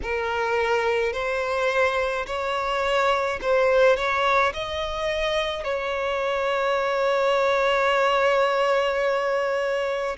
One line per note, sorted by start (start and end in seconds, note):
0.02 1.12 A#4
1.12 2.25 C5
2.26 3.40 C#5
3.41 3.96 C5
3.96 4.53 C#5
4.53 5.63 D#5
5.63 10.16 C#5